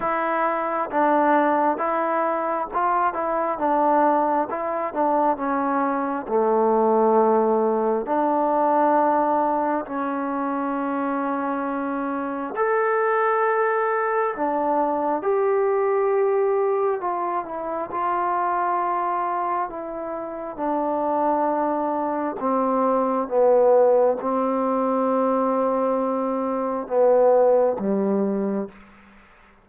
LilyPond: \new Staff \with { instrumentName = "trombone" } { \time 4/4 \tempo 4 = 67 e'4 d'4 e'4 f'8 e'8 | d'4 e'8 d'8 cis'4 a4~ | a4 d'2 cis'4~ | cis'2 a'2 |
d'4 g'2 f'8 e'8 | f'2 e'4 d'4~ | d'4 c'4 b4 c'4~ | c'2 b4 g4 | }